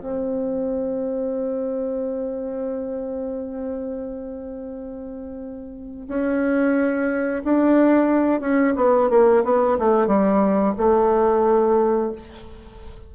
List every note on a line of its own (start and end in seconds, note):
0.00 6.07 C4
6.08 7.43 C#4
7.44 8.41 D4
8.41 8.74 C#4
8.76 9.09 B3
9.09 9.43 A#3
9.44 9.78 B3
9.78 10.07 A3
10.07 10.74 G3
10.77 12.12 A3